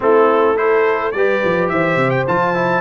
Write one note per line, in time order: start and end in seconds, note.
0.00 1.14 A3
0.00 0.56 C4
0.00 0.57 E4
0.00 0.57 A4
0.56 1.12 E4
0.56 1.14 A4
0.56 1.11 C5
1.11 1.42 G3
1.11 2.27 G4
1.11 1.72 B4
1.11 1.68 D5
1.44 1.69 F3
1.68 1.96 E3
1.68 2.81 C5
1.68 2.10 E5
1.96 2.24 C3
2.10 2.24 G5
2.27 2.81 F3
2.27 2.54 F4
2.27 2.81 A5
2.54 2.81 E4